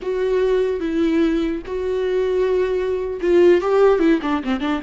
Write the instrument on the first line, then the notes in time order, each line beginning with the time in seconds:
viola
0.01 F#4
0.79 E4
1.66 F#4
3.21 F4
3.61 G4
3.99 E4
4.22 D4
4.43 C4
4.60 D4